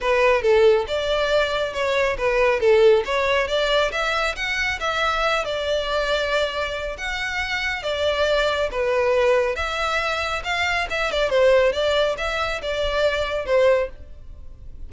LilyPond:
\new Staff \with { instrumentName = "violin" } { \time 4/4 \tempo 4 = 138 b'4 a'4 d''2 | cis''4 b'4 a'4 cis''4 | d''4 e''4 fis''4 e''4~ | e''8 d''2.~ d''8 |
fis''2 d''2 | b'2 e''2 | f''4 e''8 d''8 c''4 d''4 | e''4 d''2 c''4 | }